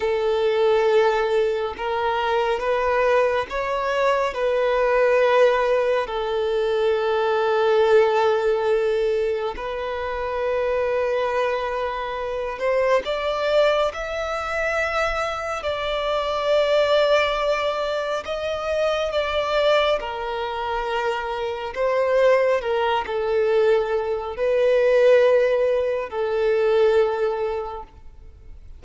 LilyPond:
\new Staff \with { instrumentName = "violin" } { \time 4/4 \tempo 4 = 69 a'2 ais'4 b'4 | cis''4 b'2 a'4~ | a'2. b'4~ | b'2~ b'8 c''8 d''4 |
e''2 d''2~ | d''4 dis''4 d''4 ais'4~ | ais'4 c''4 ais'8 a'4. | b'2 a'2 | }